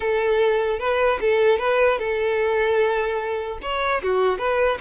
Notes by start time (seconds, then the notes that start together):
0.00 A4
0.79 B4
1.21 A4
1.58 B4
1.98 A4
3.62 C#5
4.02 F#4
4.38 B4